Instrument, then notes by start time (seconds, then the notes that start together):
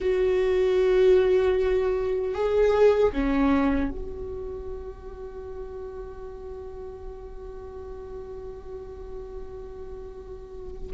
viola
0.00 F#4
2.34 G#4
3.12 C#4
3.90 F#4